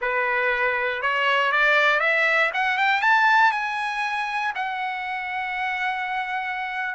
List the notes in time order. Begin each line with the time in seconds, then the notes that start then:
0.01 B4
1.02 C#5
1.51 D5
2.00 E5
2.53 F#5
2.77 G5
3.01 A5
3.51 G#5
4.55 F#5